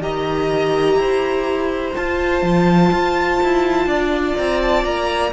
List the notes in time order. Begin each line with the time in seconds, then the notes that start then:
0.00 D#3 G4 D#5 A#5
0.96 E4 C5
1.94 F4 A5
2.43 F3
2.92 F4
3.43 E4
3.87 D4 D5
4.37 C4 A#5
4.62 A5
4.85 A#3 A#5